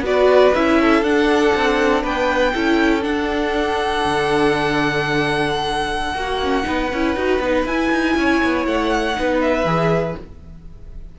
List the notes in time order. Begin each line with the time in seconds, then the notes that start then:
0.00 B3 F#4 B4 D5
0.54 C#4 E4 E5
0.81 A4
1.02 D4 F#5
1.54 C4
2.02 B3 B4 G5
2.53 C#4 E4 A4
3.01 D4 F#5
4.04 D3
6.14 A#3 F#4
6.43 C#4
6.63 B3 D#4 B4
6.92 C#4 E4
7.16 D#4 F#4
7.39 B3 D#4
7.65 E4 G#5
7.91 D#4
8.16 C#4 C#5
8.43 B3
8.66 A3 F#5
9.14 B3 D#4 B4
9.41 E5
9.64 E3 G#4